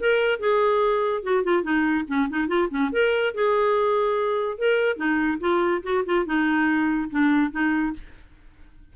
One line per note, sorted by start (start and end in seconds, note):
0.00 0.40 A#4
0.40 1.23 G#4
1.23 1.44 F#4
1.44 1.63 F4
1.63 2.05 D#4
2.08 2.29 C#4
2.30 2.48 D#4
2.48 2.69 F4
2.70 2.91 C#4
2.92 3.34 A#4
3.35 4.58 G#4
4.58 4.97 A#4
4.97 5.39 D#4
5.40 5.82 F4
5.83 6.04 F#4
6.06 6.26 F4
6.26 7.10 D#4
7.11 7.52 D4
7.52 7.94 D#4